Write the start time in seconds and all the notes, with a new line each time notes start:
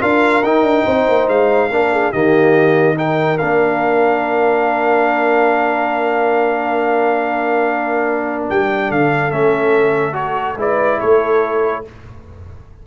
0.00 D4 F4 A#4 F5
0.43 D#4 G5
0.62 D4
0.84 C4 C5
1.08 A#3
1.28 G#3 F5
1.70 A#3 D4 A#4
1.92 G#4
2.12 D#3 A#3 G4 D#5
2.96 D#4 A#4 G5
3.38 A#3 D4 F5
8.49 G3 G5
8.87 D3 A4 F5
9.31 A3 C#4 E5
10.12 F#4 C#5
10.56 G#3 E4 B4 D5
11.00 A3 A4 C#5